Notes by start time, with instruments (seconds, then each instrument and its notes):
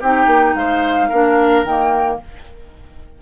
0.00 bassoon C4, clarinet D#4, oboe G4, flute G5
0.27 bassoon A#3
0.55 bassoon G#3, oboe C5, flute F5
1.09 bassoon A#3, clarinet D4, oboe A#4
1.64 bassoon D#3, clarinet A#3, flute G5